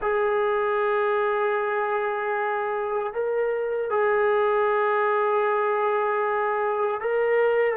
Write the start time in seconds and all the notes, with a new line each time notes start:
0.01 G#4
3.13 A#4
3.90 G#4
7.00 A#4